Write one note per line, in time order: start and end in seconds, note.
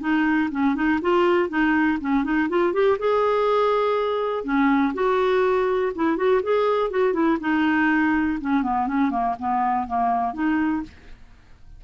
0.00 0.49 D#4
0.51 0.75 C#4
0.75 0.99 D#4
1.01 1.49 F4
1.49 1.98 D#4
2.01 2.24 C#4
2.24 2.48 D#4
2.49 2.73 F4
2.73 2.97 G4
2.98 4.44 G#4
4.44 4.93 C#4
4.94 5.92 F#4
5.95 6.16 E4
6.16 6.41 F#4
6.42 6.90 G#4
6.90 7.13 F#4
7.13 7.37 E4
7.40 8.38 D#4
8.40 8.62 C#4
8.62 8.87 B3
8.87 9.10 C#4
9.10 9.35 A#3
9.38 9.87 B3
9.87 10.33 A#3
10.33 10.82 D#4